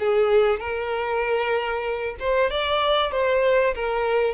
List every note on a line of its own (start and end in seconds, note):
0.00 0.60 G#4
0.60 2.16 A#4
2.20 2.51 C5
2.51 3.12 D5
3.12 3.74 C5
3.75 4.34 A#4